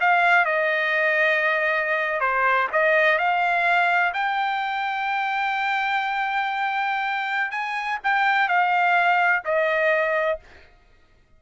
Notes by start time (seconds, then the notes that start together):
0.00 F5
0.45 D#5
2.20 C5
2.72 D#5
3.18 F5
4.13 G5
7.51 G#5
8.04 G5
8.48 F5
9.45 D#5